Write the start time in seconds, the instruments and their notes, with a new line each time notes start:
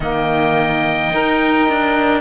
0.00 cello D#3, saxophone A#3, clarinet D#5, oboe G5
1.12 cello D#4, saxophone A#4
1.68 cello D4